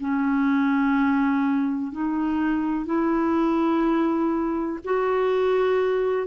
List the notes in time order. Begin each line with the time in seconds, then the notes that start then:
0.00 C#4
1.92 D#4
2.85 E4
4.84 F#4